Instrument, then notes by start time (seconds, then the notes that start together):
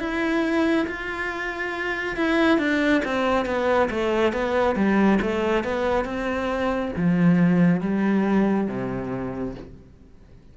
cello
0.00 E4
0.88 F4
2.17 E4
2.59 D4
3.05 C4
3.46 B3
3.91 A3
4.33 B3
4.76 G3
5.22 A3
5.64 B3
6.05 C4
6.97 F3
7.81 G3
8.68 C3